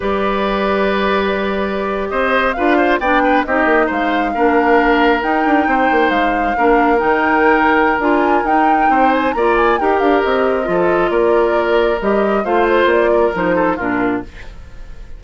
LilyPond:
<<
  \new Staff \with { instrumentName = "flute" } { \time 4/4 \tempo 4 = 135 d''1~ | d''8. dis''4 f''4 g''4 dis''16~ | dis''8. f''2. g''16~ | g''4.~ g''16 f''2 g''16~ |
g''2 gis''4 g''4~ | g''8 gis''8 ais''8 gis''8 g''8 f''8 dis''4~ | dis''4 d''2 dis''4 | f''8 c''8 d''4 c''4 ais'4 | }
  \new Staff \with { instrumentName = "oboe" } { \time 4/4 b'1~ | b'8. c''4 b'8 c''8 d''8 b'8 g'16~ | g'8. c''4 ais'2~ ais'16~ | ais'8. c''2 ais'4~ ais'16~ |
ais'1 | c''4 d''4 ais'2 | a'4 ais'2. | c''4. ais'4 a'8 f'4 | }
  \new Staff \with { instrumentName = "clarinet" } { \time 4/4 g'1~ | g'4.~ g'16 f'4 d'4 dis'16~ | dis'4.~ dis'16 d'2 dis'16~ | dis'2~ dis'8. d'4 dis'16~ |
dis'2 f'4 dis'4~ | dis'4 f'4 g'2 | f'2. g'4 | f'2 dis'4 d'4 | }
  \new Staff \with { instrumentName = "bassoon" } { \time 4/4 g1~ | g8. c'4 d'4 b4 c'16~ | c'16 ais8 gis4 ais2 dis'16~ | dis'16 d'8 c'8 ais8 gis4 ais4 dis16~ |
dis2 d'4 dis'4 | c'4 ais4 dis'8 d'8 c'4 | f4 ais2 g4 | a4 ais4 f4 ais,4 | }
>>